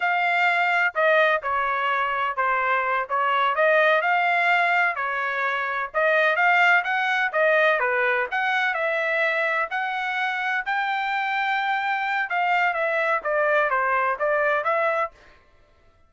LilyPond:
\new Staff \with { instrumentName = "trumpet" } { \time 4/4 \tempo 4 = 127 f''2 dis''4 cis''4~ | cis''4 c''4. cis''4 dis''8~ | dis''8 f''2 cis''4.~ | cis''8 dis''4 f''4 fis''4 dis''8~ |
dis''8 b'4 fis''4 e''4.~ | e''8 fis''2 g''4.~ | g''2 f''4 e''4 | d''4 c''4 d''4 e''4 | }